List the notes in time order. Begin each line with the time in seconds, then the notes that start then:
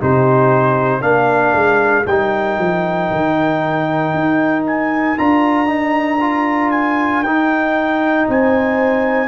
0.00 C3 D#4 G4 C5
1.01 A#3 D4 A#4 F5
1.54 G#3
2.06 G3 D#4 G5
2.59 F3
3.11 D#3
4.14 D#4
4.67 G#5
5.17 D4 F4 A#5
5.66 D#4
6.20 F4
6.71 G#5
7.23 D#4 G5
8.28 C4 C5 G#5